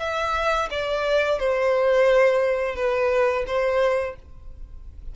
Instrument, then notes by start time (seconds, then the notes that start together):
violin
0.00 E5
0.71 D5
1.39 C5
2.76 B4
3.47 C5